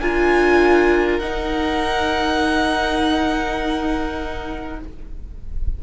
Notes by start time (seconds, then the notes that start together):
0.00 D4 F4 A#4 G#5
1.19 D#4 F#5